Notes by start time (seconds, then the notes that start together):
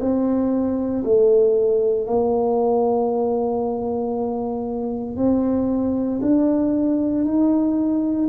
0.00 C4
1.04 A3
2.07 A#3
5.16 C4
6.22 D4
7.25 D#4